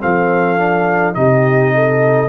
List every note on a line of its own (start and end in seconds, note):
0.00 1.16 F3
0.00 0.58 C4
0.00 1.17 A4
0.00 1.15 F5
0.58 1.15 D4
1.15 2.29 C3
1.15 2.29 D#4
1.15 1.75 G4
1.15 2.29 D#5
1.75 2.29 A4